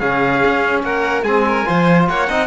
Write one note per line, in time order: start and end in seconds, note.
0.00 0.43 C#3
0.00 1.25 C#4
0.00 0.84 G#4
0.00 0.83 F5
0.46 0.83 C#4
0.83 1.23 A#3
0.83 1.25 A#4
0.83 1.23 F#5
1.23 1.65 G#3
1.23 1.66 C4
1.23 1.46 G#4
1.23 2.06 G#5
1.48 1.68 A#4
1.66 2.09 F3
1.66 2.28 F4
1.66 2.10 C5
2.09 2.30 A#3
2.09 2.29 C#5
2.09 2.48 F#5
2.29 2.48 C4
2.29 2.48 D#4
2.29 2.48 D#5